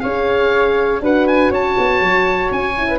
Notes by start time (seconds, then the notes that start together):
0.00 C#4 G#4 C#5 F5
1.01 D4 F#4 B4 F#5
1.27 G#5
1.51 C#4 C#5 A5
1.78 B3
2.01 F#3
2.51 C#4 G#5
2.77 E4
2.88 B4